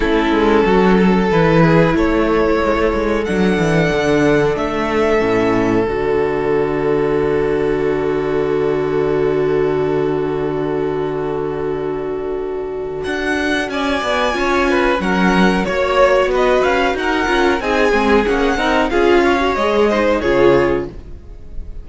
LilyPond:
<<
  \new Staff \with { instrumentName = "violin" } { \time 4/4 \tempo 4 = 92 a'2 b'4 cis''4~ | cis''4 fis''2 e''4~ | e''4 d''2.~ | d''1~ |
d''1 | fis''4 gis''2 fis''4 | cis''4 dis''8 f''8 fis''4 gis''4 | fis''4 f''4 dis''4 cis''4 | }
  \new Staff \with { instrumentName = "violin" } { \time 4/4 e'4 fis'8 a'4 gis'8 a'4~ | a'1~ | a'1~ | a'1~ |
a'1~ | a'4 d''4 cis''8 b'8 ais'4 | cis''4 b'4 ais'4 gis'4~ | gis'8 ais'8 gis'8 cis''4 c''8 gis'4 | }
  \new Staff \with { instrumentName = "viola" } { \time 4/4 cis'2 e'2~ | e'4 d'2. | cis'4 fis'2.~ | fis'1~ |
fis'1~ | fis'2 f'4 cis'4 | fis'2~ fis'8 f'8 dis'8 c'8 | cis'8 dis'8 f'8. fis'16 gis'8 dis'8 f'4 | }
  \new Staff \with { instrumentName = "cello" } { \time 4/4 a8 gis8 fis4 e4 a4 | gis16 a16 gis8 fis8 e8 d4 a4 | a,4 d2.~ | d1~ |
d1 | d'4 cis'8 b8 cis'4 fis4 | ais4 b8 cis'8 dis'8 cis'8 c'8 gis8 | ais8 c'8 cis'4 gis4 cis4 | }
>>